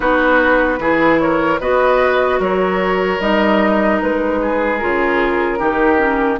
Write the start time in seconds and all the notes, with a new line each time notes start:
0.00 B3 D#4 F#4 B4
0.78 E3 E4 G#4
1.19 A#4 C#5
1.60 B3 F#4 B4 D#5
2.39 F#3 A#4 C#5
3.20 G3 D#4 D#5
4.01 G#3 B4
4.42 G#4
4.78 C#3 F4 A#4
5.58 D#3 D#4 G4
5.98 C#4